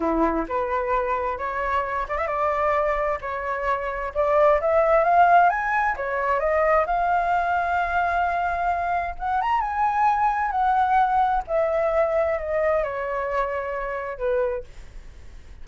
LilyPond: \new Staff \with { instrumentName = "flute" } { \time 4/4 \tempo 4 = 131 e'4 b'2 cis''4~ | cis''8 d''16 e''16 d''2 cis''4~ | cis''4 d''4 e''4 f''4 | gis''4 cis''4 dis''4 f''4~ |
f''1 | fis''8 ais''8 gis''2 fis''4~ | fis''4 e''2 dis''4 | cis''2. b'4 | }